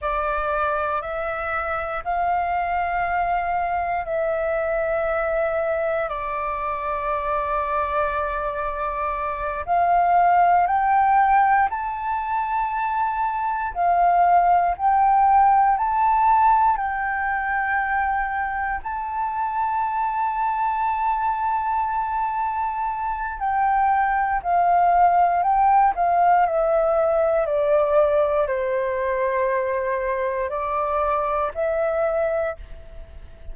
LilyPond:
\new Staff \with { instrumentName = "flute" } { \time 4/4 \tempo 4 = 59 d''4 e''4 f''2 | e''2 d''2~ | d''4. f''4 g''4 a''8~ | a''4. f''4 g''4 a''8~ |
a''8 g''2 a''4.~ | a''2. g''4 | f''4 g''8 f''8 e''4 d''4 | c''2 d''4 e''4 | }